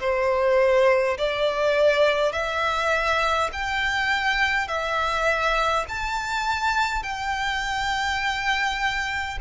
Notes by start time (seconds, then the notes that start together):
0.00 C5
1.18 D5
2.33 E5
3.53 G5
4.68 E5
5.89 A5
7.04 G5